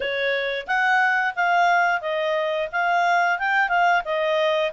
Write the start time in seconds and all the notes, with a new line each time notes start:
0.00 C#5
0.67 F#5
1.35 F5
2.01 D#5
2.72 F5
3.39 G5
3.68 F5
4.04 D#5